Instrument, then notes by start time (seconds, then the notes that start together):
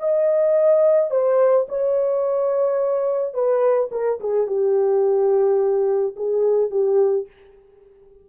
horn
0.00 D#5
1.11 C5
1.69 C#5
3.34 B4
3.92 A#4
4.21 G#4
4.47 G4
6.17 G#4
6.71 G4